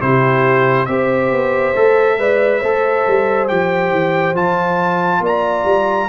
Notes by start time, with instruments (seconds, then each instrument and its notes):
0.00 tuba C3, trombone E4, horn G4, trumpet C5
0.86 tuba C4, trombone G4, horn C5, trumpet E5
1.31 tuba B3
1.75 tuba A3, trombone A4
2.18 tuba G#3, trombone B4, horn D5
2.60 tuba A3, trombone A4, horn C5
3.07 tuba G3
3.48 tuba F3, trombone G4, trumpet G5
3.91 tuba E3
4.34 tuba F3, trombone F4, trumpet A5
5.20 tuba A#3, horn D5, trumpet A#5
5.64 tuba G3